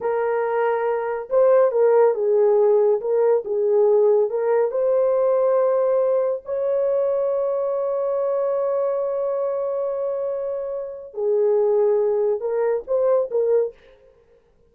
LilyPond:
\new Staff \with { instrumentName = "horn" } { \time 4/4 \tempo 4 = 140 ais'2. c''4 | ais'4 gis'2 ais'4 | gis'2 ais'4 c''4~ | c''2. cis''4~ |
cis''1~ | cis''1~ | cis''2 gis'2~ | gis'4 ais'4 c''4 ais'4 | }